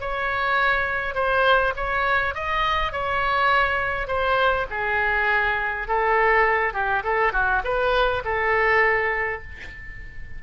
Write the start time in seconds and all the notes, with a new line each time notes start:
0.00 C#5
1.15 C5
1.76 C#5
2.34 D#5
2.93 C#5
4.07 C5
4.71 G#4
5.88 A4
6.74 G4
7.03 A4
7.33 F#4
7.64 B4
8.25 A4